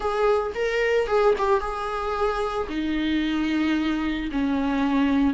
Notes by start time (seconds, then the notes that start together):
0.00 G#4
0.55 A#4
1.07 G#4
1.38 G4
1.60 G#4
2.69 D#4
4.31 C#4